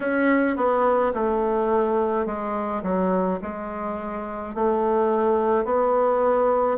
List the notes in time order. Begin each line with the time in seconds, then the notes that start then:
0.00 C#4
0.56 B3
1.13 A3
2.25 G#3
2.83 F#3
3.42 G#3
4.54 A3
5.64 B3